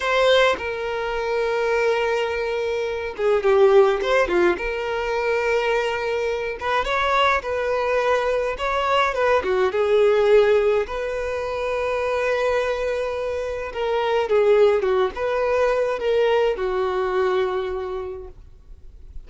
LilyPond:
\new Staff \with { instrumentName = "violin" } { \time 4/4 \tempo 4 = 105 c''4 ais'2.~ | ais'4. gis'8 g'4 c''8 f'8 | ais'2.~ ais'8 b'8 | cis''4 b'2 cis''4 |
b'8 fis'8 gis'2 b'4~ | b'1 | ais'4 gis'4 fis'8 b'4. | ais'4 fis'2. | }